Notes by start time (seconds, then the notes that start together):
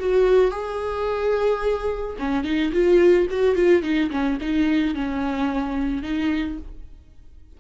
0.00 F#4
0.51 G#4
2.19 C#4
2.44 D#4
2.73 F4
3.31 F#4
3.56 F4
3.83 D#4
4.11 C#4
4.41 D#4
4.95 C#4
6.03 D#4